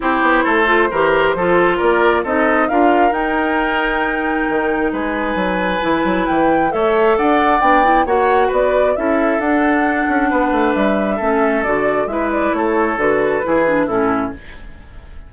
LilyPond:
<<
  \new Staff \with { instrumentName = "flute" } { \time 4/4 \tempo 4 = 134 c''1 | d''4 dis''4 f''4 g''4~ | g''2. gis''4~ | gis''2 g''4 e''4 |
fis''4 g''4 fis''4 d''4 | e''4 fis''2. | e''2 d''4 e''8 d''8 | cis''4 b'2 a'4 | }
  \new Staff \with { instrumentName = "oboe" } { \time 4/4 g'4 a'4 ais'4 a'4 | ais'4 a'4 ais'2~ | ais'2. b'4~ | b'2. cis''4 |
d''2 cis''4 b'4 | a'2. b'4~ | b'4 a'2 b'4 | a'2 gis'4 e'4 | }
  \new Staff \with { instrumentName = "clarinet" } { \time 4/4 e'4. f'8 g'4 f'4~ | f'4 dis'4 f'4 dis'4~ | dis'1~ | dis'4 e'2 a'4~ |
a'4 d'8 e'8 fis'2 | e'4 d'2.~ | d'4 cis'4 fis'4 e'4~ | e'4 fis'4 e'8 d'8 cis'4 | }
  \new Staff \with { instrumentName = "bassoon" } { \time 4/4 c'8 b8 a4 e4 f4 | ais4 c'4 d'4 dis'4~ | dis'2 dis4 gis4 | fis4 e8 fis8 e4 a4 |
d'4 b4 ais4 b4 | cis'4 d'4. cis'8 b8 a8 | g4 a4 d4 gis4 | a4 d4 e4 a,4 | }
>>